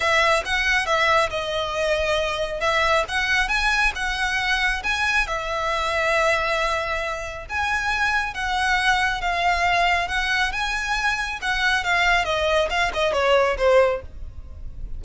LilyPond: \new Staff \with { instrumentName = "violin" } { \time 4/4 \tempo 4 = 137 e''4 fis''4 e''4 dis''4~ | dis''2 e''4 fis''4 | gis''4 fis''2 gis''4 | e''1~ |
e''4 gis''2 fis''4~ | fis''4 f''2 fis''4 | gis''2 fis''4 f''4 | dis''4 f''8 dis''8 cis''4 c''4 | }